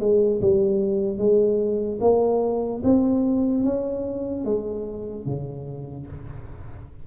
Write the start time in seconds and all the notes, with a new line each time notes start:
0.00 G#3
0.41 G3
1.18 G#3
2.01 A#3
2.83 C4
3.64 C#4
4.45 G#3
5.26 C#3